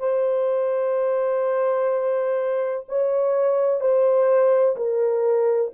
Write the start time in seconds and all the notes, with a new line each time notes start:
0.00 C5
2.89 C#5
3.81 C5
4.77 A#4